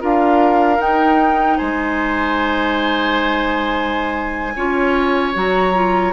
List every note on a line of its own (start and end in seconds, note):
0.00 0.79 D4
0.00 0.78 F4
0.00 1.58 A#4
0.00 0.81 F5
0.78 4.53 D#4
0.78 1.58 D#4
0.78 1.59 G5
1.58 4.56 G#3
1.58 4.54 C5
1.58 5.34 G#5
4.56 5.35 C#4
4.56 5.34 F4
4.56 6.13 C#5
5.34 6.13 F#3
5.34 5.73 F#4
5.34 6.13 A#5
5.74 6.13 F4